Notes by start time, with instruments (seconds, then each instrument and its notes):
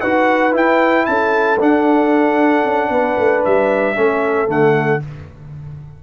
0.00 tuba D#4, trombone F#4, horn B4, trumpet F#5
0.52 trombone E4, tuba E4, trumpet G5
1.05 tuba C#4, horn A4, trumpet A5
1.59 trombone D4, tuba D4, trumpet F#5
2.64 tuba C#4
2.89 tuba B3, horn B4
3.17 tuba A3
3.44 tuba G3, trumpet E5
3.95 tuba A3, trombone C#4, horn A4
4.46 tuba D3, trombone A3, trumpet F#5